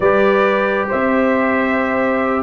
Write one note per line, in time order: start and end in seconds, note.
0.00 0.89 G3
0.00 2.43 G4
0.00 0.88 B4
0.00 0.88 D5
0.88 2.43 C4
0.88 2.43 C5
0.88 2.43 E5